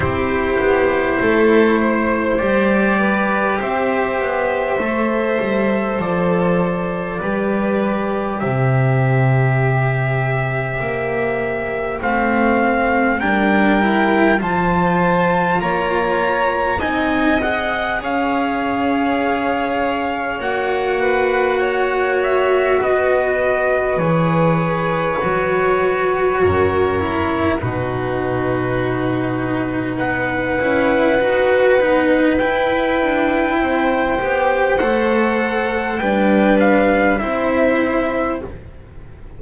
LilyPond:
<<
  \new Staff \with { instrumentName = "trumpet" } { \time 4/4 \tempo 4 = 50 c''2 d''4 e''4~ | e''4 d''2 e''4~ | e''2 f''4 g''4 | a''4 ais''4 gis''8 fis''8 f''4~ |
f''4 fis''4. e''8 dis''4 | cis''2. b'4~ | b'4 fis''2 g''4~ | g''4 fis''4 g''8 f''8 e''4 | }
  \new Staff \with { instrumentName = "violin" } { \time 4/4 g'4 a'8 c''4 b'8 c''4~ | c''2 b'4 c''4~ | c''2. ais'4 | c''4 cis''4 dis''4 cis''4~ |
cis''4. b'8 cis''4 b'4~ | b'2 ais'4 fis'4~ | fis'4 b'2. | c''2 b'4 c''4 | }
  \new Staff \with { instrumentName = "cello" } { \time 4/4 e'2 g'2 | a'2 g'2~ | g'2 c'4 d'8 e'8 | f'2 dis'8 gis'4.~ |
gis'4 fis'2. | gis'4 fis'4. e'8 dis'4~ | dis'4. e'8 fis'8 dis'8 e'4~ | e'8 g'8 a'4 d'4 e'4 | }
  \new Staff \with { instrumentName = "double bass" } { \time 4/4 c'8 b8 a4 g4 c'8 b8 | a8 g8 f4 g4 c4~ | c4 ais4 a4 g4 | f4 ais4 c'4 cis'4~ |
cis'4 ais2 b4 | e4 fis4 fis,4 b,4~ | b,4 b8 cis'8 dis'8 b8 e'8 d'8 | c'8 b8 a4 g4 c'4 | }
>>